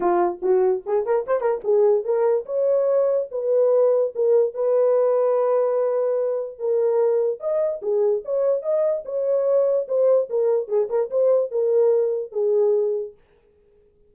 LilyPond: \new Staff \with { instrumentName = "horn" } { \time 4/4 \tempo 4 = 146 f'4 fis'4 gis'8 ais'8 c''8 ais'8 | gis'4 ais'4 cis''2 | b'2 ais'4 b'4~ | b'1 |
ais'2 dis''4 gis'4 | cis''4 dis''4 cis''2 | c''4 ais'4 gis'8 ais'8 c''4 | ais'2 gis'2 | }